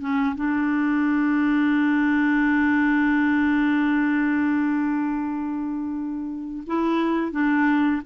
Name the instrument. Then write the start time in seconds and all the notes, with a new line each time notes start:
clarinet
0.00 C#4
0.35 D4
6.67 E4
7.31 D4